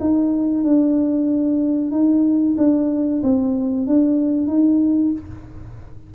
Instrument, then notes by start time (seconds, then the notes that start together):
tuba
0.00 D#4
0.64 D4
1.91 D#4
2.58 D4
3.23 C4
3.87 D4
4.47 D#4